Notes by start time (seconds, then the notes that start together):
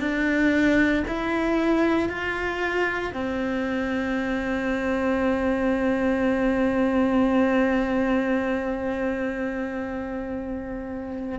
0.00 D4
1.07 E4
2.09 F4
3.13 C4